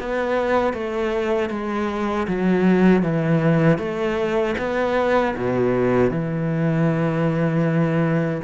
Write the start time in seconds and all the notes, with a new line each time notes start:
0.00 B3
0.73 A3
1.50 G#3
2.28 F#3
3.03 E3
3.78 A3
4.58 B3
5.36 B2
6.11 E3